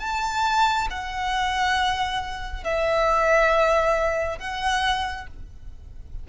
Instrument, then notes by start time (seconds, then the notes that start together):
violin
0.00 A5
0.91 F#5
2.64 E5
4.39 F#5